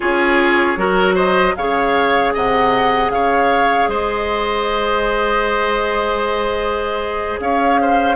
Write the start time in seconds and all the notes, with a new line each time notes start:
0.00 C#4 F4 G#4 C#5
0.76 F#3 F#4 A#4
1.14 C5 D#5
1.56 C#3 G#4 C#5 F5
2.33 C3 D#5 F#5
3.10 C#3 C#5 F5
3.87 G#3 C5 D#5
7.39 C#4 C#5 F5
7.81 C5